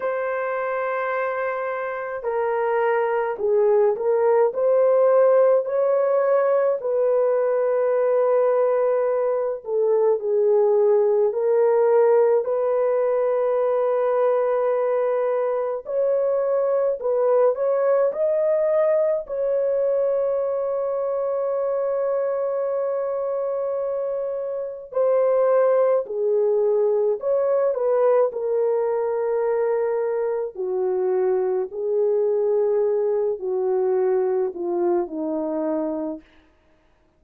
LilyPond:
\new Staff \with { instrumentName = "horn" } { \time 4/4 \tempo 4 = 53 c''2 ais'4 gis'8 ais'8 | c''4 cis''4 b'2~ | b'8 a'8 gis'4 ais'4 b'4~ | b'2 cis''4 b'8 cis''8 |
dis''4 cis''2.~ | cis''2 c''4 gis'4 | cis''8 b'8 ais'2 fis'4 | gis'4. fis'4 f'8 dis'4 | }